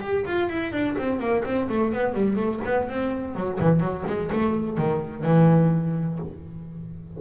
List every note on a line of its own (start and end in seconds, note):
0.00 0.24 G4
0.26 0.49 F4
0.49 0.72 E4
0.72 0.96 D4
0.98 1.19 C4
1.19 1.43 A#3
1.44 1.68 C4
1.69 1.92 A3
1.93 2.14 B3
2.14 2.36 G3
2.36 2.60 A3
2.65 2.88 B3
2.89 3.35 C4
3.35 3.59 F#3
3.60 3.80 E3
3.80 4.03 F#3
4.06 4.30 G#3
4.32 4.77 A3
4.77 5.23 D#3
5.23 6.19 E3